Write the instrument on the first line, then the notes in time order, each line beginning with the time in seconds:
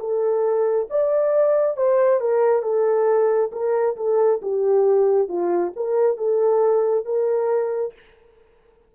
horn
0.00 A4
0.90 D5
1.77 C5
2.21 A#4
2.63 A4
3.52 A#4
3.97 A4
4.42 G4
5.29 F4
5.76 A#4
6.17 A4
7.05 A#4